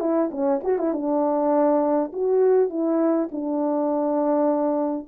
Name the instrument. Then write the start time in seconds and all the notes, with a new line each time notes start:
horn
0.00 E4
0.31 C#4
0.63 F#4
0.78 E4
0.93 D4
2.13 F#4
2.69 E4
3.32 D4